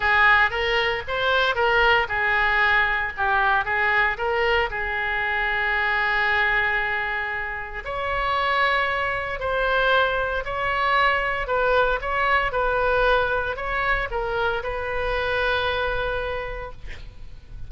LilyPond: \new Staff \with { instrumentName = "oboe" } { \time 4/4 \tempo 4 = 115 gis'4 ais'4 c''4 ais'4 | gis'2 g'4 gis'4 | ais'4 gis'2.~ | gis'2. cis''4~ |
cis''2 c''2 | cis''2 b'4 cis''4 | b'2 cis''4 ais'4 | b'1 | }